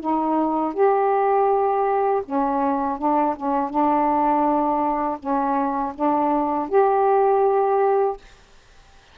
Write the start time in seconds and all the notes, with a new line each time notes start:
0.00 D#4
0.74 G4
2.25 C#4
2.98 D4
3.36 C#4
3.70 D4
5.19 C#4
5.95 D4
6.69 G4